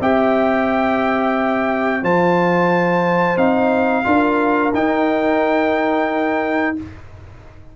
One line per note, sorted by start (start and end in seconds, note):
0.00 2.02 C4
0.00 2.03 G4
0.00 2.03 E5
0.00 2.04 G5
2.02 3.37 F3
2.02 3.37 F4
2.02 4.05 C5
2.02 3.37 A5
3.37 4.04 C4
3.37 4.04 D#4
3.37 4.72 F5
4.04 4.73 D4
4.04 4.71 F4
4.04 6.76 A#4
4.73 6.76 D#4
4.73 6.76 G5